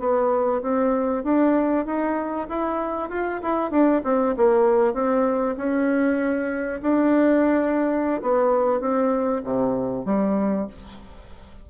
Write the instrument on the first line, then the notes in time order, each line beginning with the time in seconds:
bassoon
0.00 B3
0.62 C4
1.24 D4
1.86 D#4
2.49 E4
3.10 F4
3.42 E4
3.71 D4
4.05 C4
4.37 A#3
4.94 C4
5.58 C#4
6.82 D4
8.22 B3
8.81 C4
9.44 C3
10.06 G3